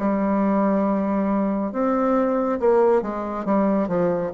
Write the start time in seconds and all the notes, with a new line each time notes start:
0.00 G3
1.73 C4
2.60 A#3
3.02 G#3
3.46 G3
3.89 F3